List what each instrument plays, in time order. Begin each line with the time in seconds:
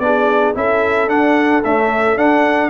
0.00 tuba B3, trombone D4, horn G#4, trumpet D5
0.55 tuba C#4, trombone E4, horn A4, trumpet E5
1.08 tuba D4, trombone D4, trumpet F#5
1.64 trombone A3, tuba C#4, trumpet E5
2.17 tuba D4, trombone D4, trumpet F#5